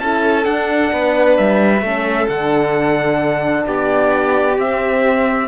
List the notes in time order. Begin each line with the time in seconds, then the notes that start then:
0.00 C#4 E4 A4 A5
0.43 D4 F#5
0.93 B3 B4
1.37 G3 E5
1.81 A3 C#4 A4
2.28 D3 D4 F#5
3.66 B3 G4 D5
4.56 C4 E5